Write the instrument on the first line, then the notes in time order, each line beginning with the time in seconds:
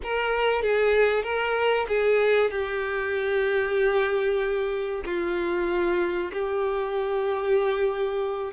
violin
0.03 A#4
0.61 G#4
1.23 A#4
1.88 G#4
2.51 G4
5.05 F4
6.32 G4